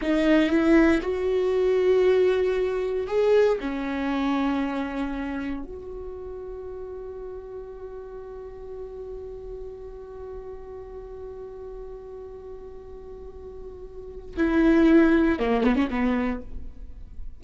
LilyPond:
\new Staff \with { instrumentName = "viola" } { \time 4/4 \tempo 4 = 117 dis'4 e'4 fis'2~ | fis'2 gis'4 cis'4~ | cis'2. fis'4~ | fis'1~ |
fis'1~ | fis'1~ | fis'1 | e'2 ais8 b16 cis'16 b4 | }